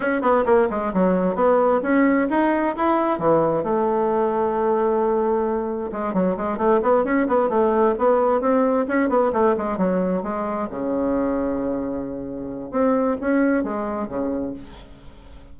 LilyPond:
\new Staff \with { instrumentName = "bassoon" } { \time 4/4 \tempo 4 = 132 cis'8 b8 ais8 gis8 fis4 b4 | cis'4 dis'4 e'4 e4 | a1~ | a4 gis8 fis8 gis8 a8 b8 cis'8 |
b8 a4 b4 c'4 cis'8 | b8 a8 gis8 fis4 gis4 cis8~ | cis1 | c'4 cis'4 gis4 cis4 | }